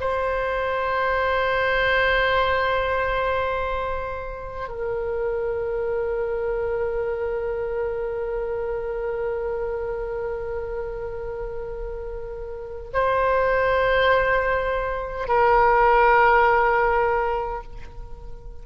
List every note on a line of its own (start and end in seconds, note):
0.00 4.68 C5
4.68 12.91 A#4
12.94 15.28 C5
15.28 17.63 A#4